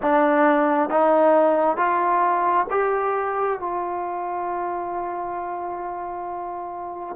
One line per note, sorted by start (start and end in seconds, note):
0.02 0.90 D4
0.90 1.77 D#4
1.77 2.66 F4
2.70 3.59 G4
3.59 7.16 F4